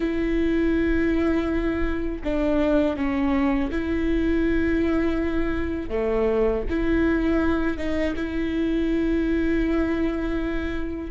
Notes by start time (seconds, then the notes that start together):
0.00 E4
2.24 D4
2.96 C#4
3.71 E4
5.89 A3
6.69 E4
7.77 D#4
8.15 E4